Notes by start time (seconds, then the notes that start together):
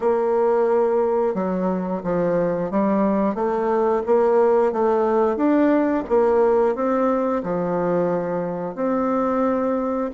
0.00 A#3
1.34 F#3
2.03 F3
2.70 G3
3.35 A3
4.05 A#3
4.72 A3
5.36 D4
6.08 A#3
6.75 C4
7.43 F3
8.75 C4